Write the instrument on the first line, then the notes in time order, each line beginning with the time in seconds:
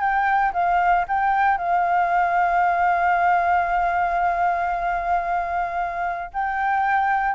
flute
0.00 G5
0.53 F5
1.08 G5
1.57 F5
6.33 G5